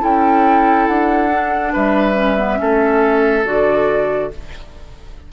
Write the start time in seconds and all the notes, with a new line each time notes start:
0.00 C#4 E4 A4 G5
0.87 D4 F#5
1.32 D4
1.72 G3 B4 E5
2.14 C#4
2.37 B3
2.57 A3 C#4 A4
3.45 D3 F#4 D5